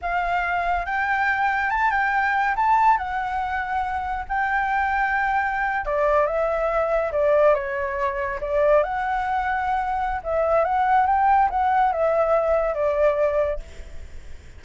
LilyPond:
\new Staff \with { instrumentName = "flute" } { \time 4/4 \tempo 4 = 141 f''2 g''2 | a''8 g''4. a''4 fis''4~ | fis''2 g''2~ | g''4.~ g''16 d''4 e''4~ e''16~ |
e''8. d''4 cis''2 d''16~ | d''8. fis''2.~ fis''16 | e''4 fis''4 g''4 fis''4 | e''2 d''2 | }